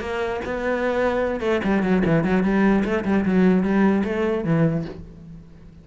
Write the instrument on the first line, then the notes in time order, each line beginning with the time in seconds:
cello
0.00 A#3
0.44 B3
1.40 A3
1.64 G3
1.82 F#3
2.05 E3
2.24 F#3
2.43 G3
2.84 A3
3.04 G3
3.25 F#3
3.63 G3
4.04 A3
4.44 E3